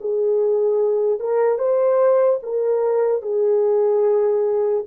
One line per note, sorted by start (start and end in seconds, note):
0.00 1.19 G#4
1.19 1.58 A#4
1.58 2.39 C5
2.43 3.22 A#4
3.22 4.84 G#4